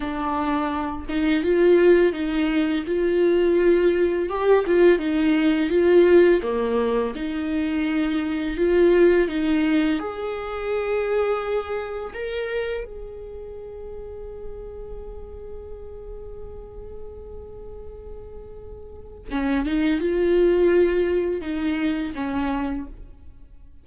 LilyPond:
\new Staff \with { instrumentName = "viola" } { \time 4/4 \tempo 4 = 84 d'4. dis'8 f'4 dis'4 | f'2 g'8 f'8 dis'4 | f'4 ais4 dis'2 | f'4 dis'4 gis'2~ |
gis'4 ais'4 gis'2~ | gis'1~ | gis'2. cis'8 dis'8 | f'2 dis'4 cis'4 | }